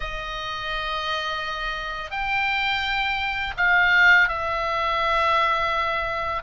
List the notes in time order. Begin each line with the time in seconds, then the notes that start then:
0.00 D#5
2.10 G5
3.57 F5
4.28 E5